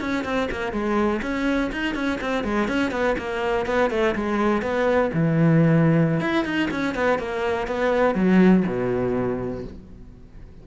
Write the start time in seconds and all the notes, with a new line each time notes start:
0.00 C#4
0.24 C4
0.51 A#3
0.72 G#3
1.22 C#4
1.71 D#4
1.94 C#4
2.20 C4
2.44 G#3
2.68 C#4
2.91 B3
3.18 A#3
3.65 B3
3.90 A3
4.15 G#3
4.62 B3
5.13 E3
6.20 E4
6.44 D#4
6.71 C#4
6.94 B3
7.18 A#3
7.67 B3
8.14 F#3
8.66 B2